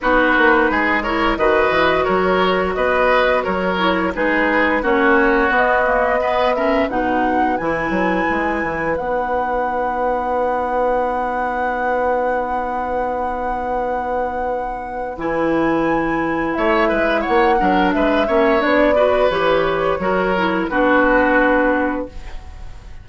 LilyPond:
<<
  \new Staff \with { instrumentName = "flute" } { \time 4/4 \tempo 4 = 87 b'4. cis''8 dis''4 cis''4 | dis''4 cis''4 b'4 cis''4 | dis''4. e''8 fis''4 gis''4~ | gis''4 fis''2.~ |
fis''1~ | fis''2 gis''2 | e''4 fis''4 e''4 d''4 | cis''2 b'2 | }
  \new Staff \with { instrumentName = "oboe" } { \time 4/4 fis'4 gis'8 ais'8 b'4 ais'4 | b'4 ais'4 gis'4 fis'4~ | fis'4 b'8 ais'8 b'2~ | b'1~ |
b'1~ | b'1 | cis''8 b'8 cis''8 ais'8 b'8 cis''4 b'8~ | b'4 ais'4 fis'2 | }
  \new Staff \with { instrumentName = "clarinet" } { \time 4/4 dis'4. e'8 fis'2~ | fis'4. e'8 dis'4 cis'4 | b8 ais8 b8 cis'8 dis'4 e'4~ | e'4 dis'2.~ |
dis'1~ | dis'2 e'2~ | e'4. d'4 cis'8 d'8 fis'8 | g'4 fis'8 e'8 d'2 | }
  \new Staff \with { instrumentName = "bassoon" } { \time 4/4 b8 ais8 gis4 dis8 e8 fis4 | b4 fis4 gis4 ais4 | b2 b,4 e8 fis8 | gis8 e8 b2.~ |
b1~ | b2 e2 | a8 gis8 ais8 fis8 gis8 ais8 b4 | e4 fis4 b2 | }
>>